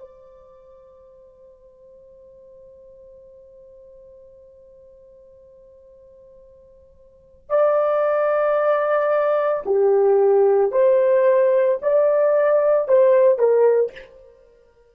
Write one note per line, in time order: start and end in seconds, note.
0.00 7.50 C5
7.50 9.64 D5
9.66 10.72 G4
10.72 11.79 C5
11.82 12.88 D5
12.88 13.39 C5
13.39 13.92 A#4